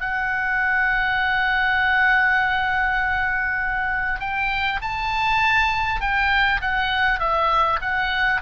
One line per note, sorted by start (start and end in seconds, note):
0.00 4.19 F#5
4.19 4.79 G5
4.81 6.00 A5
6.00 6.60 G5
6.61 7.19 F#5
7.19 7.79 E5
7.81 8.41 F#5